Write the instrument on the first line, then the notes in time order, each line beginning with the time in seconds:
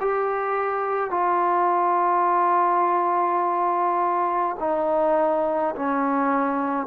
trombone
0.00 G4
1.10 F4
4.59 D#4
5.76 C#4